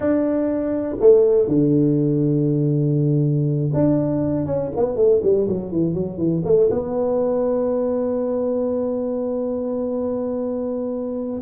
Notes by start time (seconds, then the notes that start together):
0.00 D4
0.99 A3
1.48 D3
3.73 D4
4.46 C#4
4.76 B3
4.96 A3
5.22 G3
5.47 F#3
5.71 E3
5.94 F#3
6.17 E3
6.44 A3
6.70 B3